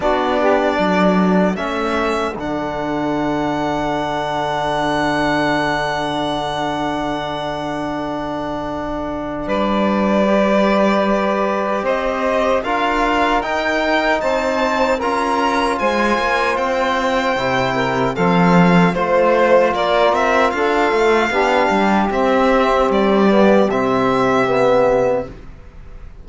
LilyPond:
<<
  \new Staff \with { instrumentName = "violin" } { \time 4/4 \tempo 4 = 76 d''2 e''4 fis''4~ | fis''1~ | fis''1 | d''2. dis''4 |
f''4 g''4 a''4 ais''4 | gis''4 g''2 f''4 | c''4 d''8 e''8 f''2 | e''4 d''4 e''2 | }
  \new Staff \with { instrumentName = "saxophone" } { \time 4/4 fis'8 g'8 a'2.~ | a'1~ | a'1 | b'2. c''4 |
ais'2 c''4 ais'4 | c''2~ c''8 ais'8 a'4 | c''4 ais'4 a'4 g'4~ | g'1 | }
  \new Staff \with { instrumentName = "trombone" } { \time 4/4 d'2 cis'4 d'4~ | d'1~ | d'1~ | d'4 g'2. |
f'4 dis'2 f'4~ | f'2 e'4 c'4 | f'2. d'4 | c'4. b8 c'4 b4 | }
  \new Staff \with { instrumentName = "cello" } { \time 4/4 b4 fis4 a4 d4~ | d1~ | d1 | g2. c'4 |
d'4 dis'4 c'4 cis'4 | gis8 ais8 c'4 c4 f4 | a4 ais8 c'8 d'8 a8 b8 g8 | c'4 g4 c2 | }
>>